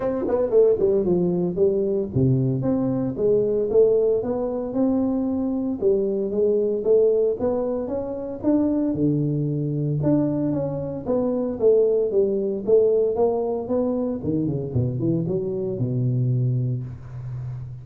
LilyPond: \new Staff \with { instrumentName = "tuba" } { \time 4/4 \tempo 4 = 114 c'8 b8 a8 g8 f4 g4 | c4 c'4 gis4 a4 | b4 c'2 g4 | gis4 a4 b4 cis'4 |
d'4 d2 d'4 | cis'4 b4 a4 g4 | a4 ais4 b4 dis8 cis8 | b,8 e8 fis4 b,2 | }